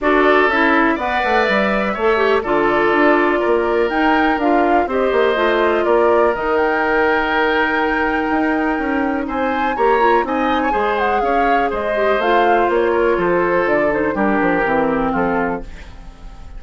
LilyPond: <<
  \new Staff \with { instrumentName = "flute" } { \time 4/4 \tempo 4 = 123 d''4 e''4 fis''4 e''4~ | e''4 d''2. | g''4 f''4 dis''2 | d''4 dis''8 g''2~ g''8~ |
g''2. gis''4 | ais''4 gis''4. fis''8 f''4 | dis''4 f''4 cis''4 c''4 | d''8 c''8 ais'2 a'4 | }
  \new Staff \with { instrumentName = "oboe" } { \time 4/4 a'2 d''2 | cis''4 a'2 ais'4~ | ais'2 c''2 | ais'1~ |
ais'2. c''4 | cis''4 dis''8. cis''16 c''4 cis''4 | c''2~ c''8 ais'8 a'4~ | a'4 g'2 f'4 | }
  \new Staff \with { instrumentName = "clarinet" } { \time 4/4 fis'4 e'4 b'2 | a'8 g'8 f'2. | dis'4 f'4 g'4 f'4~ | f'4 dis'2.~ |
dis'1 | g'8 f'8 dis'4 gis'2~ | gis'8 g'8 f'2.~ | f'8 dis'8 d'4 c'2 | }
  \new Staff \with { instrumentName = "bassoon" } { \time 4/4 d'4 cis'4 b8 a8 g4 | a4 d4 d'4 ais4 | dis'4 d'4 c'8 ais8 a4 | ais4 dis2.~ |
dis4 dis'4 cis'4 c'4 | ais4 c'4 gis4 cis'4 | gis4 a4 ais4 f4 | d4 g8 f8 e4 f4 | }
>>